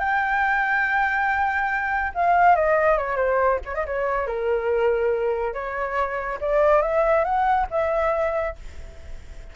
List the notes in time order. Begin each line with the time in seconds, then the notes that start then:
0.00 G5
2.15 F5
2.56 D#5
2.98 C#5
3.17 C5
3.65 C#5
3.75 D#5
3.86 C#5
4.27 A#4
5.54 C#5
6.41 D5
6.82 E5
7.25 F#5
7.71 E5